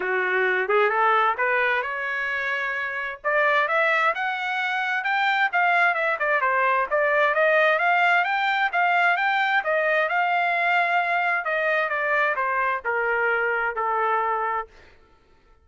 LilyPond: \new Staff \with { instrumentName = "trumpet" } { \time 4/4 \tempo 4 = 131 fis'4. gis'8 a'4 b'4 | cis''2. d''4 | e''4 fis''2 g''4 | f''4 e''8 d''8 c''4 d''4 |
dis''4 f''4 g''4 f''4 | g''4 dis''4 f''2~ | f''4 dis''4 d''4 c''4 | ais'2 a'2 | }